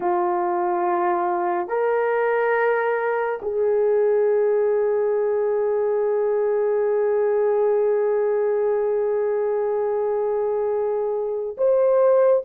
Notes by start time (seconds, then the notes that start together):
0.00 F4
1.68 A#4
3.42 G#4
11.57 C5